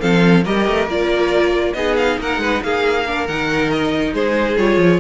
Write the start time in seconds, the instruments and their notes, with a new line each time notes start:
0.00 cello F3, viola C4, violin A4 F5
0.44 cello G3, viola G4, violin A#4 D#5
0.68 cello A3
0.87 cello A#3, viola F4, violin D5
1.74 cello B3, viola D#4, violin G#4 D#5
1.97 violin F5
2.19 cello A#3, violin A#4 F#5
2.38 cello G#3, violin B4
2.63 cello A#3, violin G#4 F5
3.06 viola D4, violin A#4
3.28 cello D#3, viola D#4, violin F#5
3.71 violin D#5
4.13 cello G#3, violin G#4 C5
4.58 cello G3, viola F4, violin C#5
4.78 cello F3